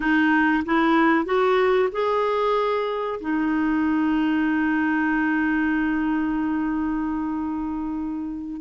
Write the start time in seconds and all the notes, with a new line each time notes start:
0.00 D#4
0.65 E4
1.25 F#4
1.92 G#4
3.20 D#4